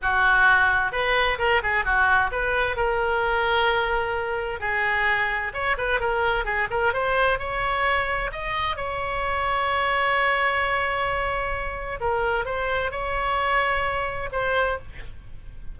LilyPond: \new Staff \with { instrumentName = "oboe" } { \time 4/4 \tempo 4 = 130 fis'2 b'4 ais'8 gis'8 | fis'4 b'4 ais'2~ | ais'2 gis'2 | cis''8 b'8 ais'4 gis'8 ais'8 c''4 |
cis''2 dis''4 cis''4~ | cis''1~ | cis''2 ais'4 c''4 | cis''2. c''4 | }